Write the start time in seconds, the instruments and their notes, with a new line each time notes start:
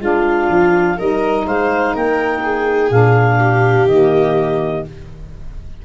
0.00 tuba G#3, saxophone D4, viola F4, clarinet F5
0.50 tuba F3
0.98 tuba G3, saxophone D#4, viola A#4, clarinet D#5
1.47 tuba G#3, viola C5, clarinet F5
1.94 tuba A#3, viola A#4, clarinet G5
2.43 viola G#4
2.90 tuba A#2, saxophone D4, clarinet F5
3.39 viola G4
3.86 tuba D#3, saxophone A#3, clarinet D#5